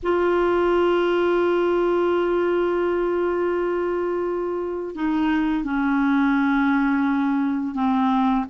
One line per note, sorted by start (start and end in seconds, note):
0.02 4.95 F4
4.95 5.63 D#4
5.63 7.75 C#4
7.75 8.45 C4